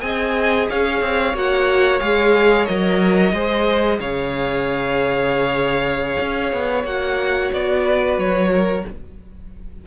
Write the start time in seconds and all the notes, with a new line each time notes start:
0.00 C4 G#4 D#5 G#5
0.69 C#4 C#5 F5
1.01 C4
1.34 A#3 F#4 F#5
1.99 G#3 G#4 F5
2.65 F#3 A#4 D#5
3.33 G#3 G#4 C5
4.00 C#3 C#5 F5
6.20 C#4
6.53 B3
6.84 A#3 F#4 F#5
7.53 B3 D5
7.83 B4
8.18 F#3 C#5
8.52 A#4